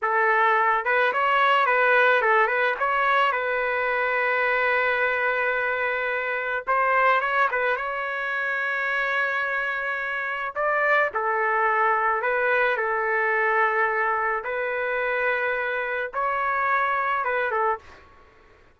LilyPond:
\new Staff \with { instrumentName = "trumpet" } { \time 4/4 \tempo 4 = 108 a'4. b'8 cis''4 b'4 | a'8 b'8 cis''4 b'2~ | b'1 | c''4 cis''8 b'8 cis''2~ |
cis''2. d''4 | a'2 b'4 a'4~ | a'2 b'2~ | b'4 cis''2 b'8 a'8 | }